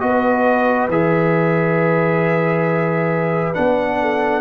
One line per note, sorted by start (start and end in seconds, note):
0.00 0.88 B3
0.00 0.88 F#4
0.00 4.01 B4
0.00 0.88 D#5
0.88 3.53 E3
0.88 3.54 G#4
0.88 3.54 E5
3.54 4.41 B3
3.54 4.41 D4
3.54 4.41 F#5
4.01 4.41 A4